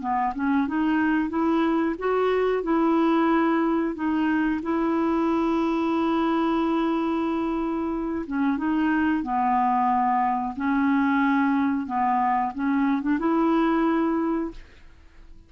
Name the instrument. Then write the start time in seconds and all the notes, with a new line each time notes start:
clarinet
0.00 B3
0.34 C#4
0.67 D#4
1.29 E4
1.98 F#4
2.63 E4
3.94 D#4
4.62 E4
8.26 C#4
8.57 D#4
9.22 B3
10.56 C#4
11.86 B3
12.54 C#4
13.02 D4
13.19 E4